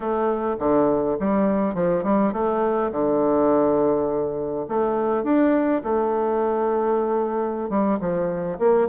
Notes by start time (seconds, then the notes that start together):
0.00 A3
0.59 D3
1.19 G3
1.74 F3
2.03 G3
2.32 A3
2.91 D3
4.68 A3
5.23 D4
5.83 A3
7.69 G3
8.00 F3
8.58 A#3